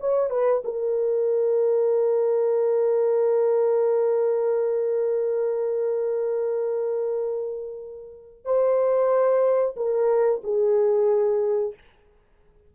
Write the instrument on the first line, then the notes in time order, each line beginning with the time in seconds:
horn
0.00 C#5
0.31 B4
0.65 A#4
8.45 C5
9.77 A#4
10.44 G#4